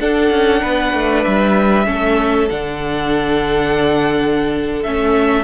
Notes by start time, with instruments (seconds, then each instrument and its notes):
0.00 cello D4, viola D4, violin A4 F#5
0.31 cello C#4
0.62 cello B3, violin B4
0.94 cello A3
1.24 cello G3, violin E5
1.86 cello A3, viola C#4, violin A4
2.50 cello D3, viola D4, violin F#5
4.83 cello A3, viola C#4, violin E5